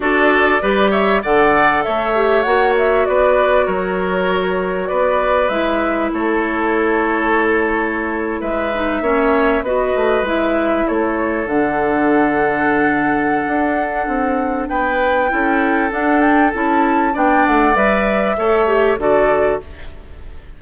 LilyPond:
<<
  \new Staff \with { instrumentName = "flute" } { \time 4/4 \tempo 4 = 98 d''4. e''8 fis''4 e''4 | fis''8 e''8 d''4 cis''2 | d''4 e''4 cis''2~ | cis''4.~ cis''16 e''2 dis''16~ |
dis''8. e''4 cis''4 fis''4~ fis''16~ | fis''1 | g''2 fis''8 g''8 a''4 | g''8 fis''8 e''2 d''4 | }
  \new Staff \with { instrumentName = "oboe" } { \time 4/4 a'4 b'8 cis''8 d''4 cis''4~ | cis''4 b'4 ais'2 | b'2 a'2~ | a'4.~ a'16 b'4 cis''4 b'16~ |
b'4.~ b'16 a'2~ a'16~ | a'1 | b'4 a'2. | d''2 cis''4 a'4 | }
  \new Staff \with { instrumentName = "clarinet" } { \time 4/4 fis'4 g'4 a'4. g'8 | fis'1~ | fis'4 e'2.~ | e'2~ e'16 dis'8 cis'4 fis'16~ |
fis'8. e'2 d'4~ d'16~ | d'1~ | d'4 e'4 d'4 e'4 | d'4 b'4 a'8 g'8 fis'4 | }
  \new Staff \with { instrumentName = "bassoon" } { \time 4/4 d'4 g4 d4 a4 | ais4 b4 fis2 | b4 gis4 a2~ | a4.~ a16 gis4 ais4 b16~ |
b16 a8 gis4 a4 d4~ d16~ | d2 d'4 c'4 | b4 cis'4 d'4 cis'4 | b8 a8 g4 a4 d4 | }
>>